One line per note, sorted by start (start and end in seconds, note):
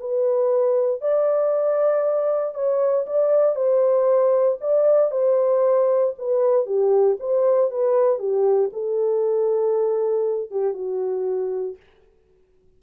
0.00 1.01 B4
1.01 2.54 D5
2.54 3.05 C#5
3.06 3.55 D5
3.55 4.58 C5
4.60 5.11 D5
5.11 6.14 C5
6.18 6.66 B4
6.66 7.17 G4
7.20 7.71 C5
7.71 8.19 B4
8.19 8.70 G4
8.72 10.51 A4
10.51 10.74 G4
10.74 11.76 F#4